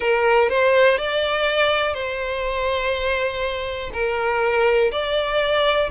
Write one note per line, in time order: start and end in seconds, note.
0.00 0.49 A#4
0.49 0.97 C5
0.97 1.94 D5
1.94 3.90 C5
3.93 4.91 A#4
4.91 5.90 D5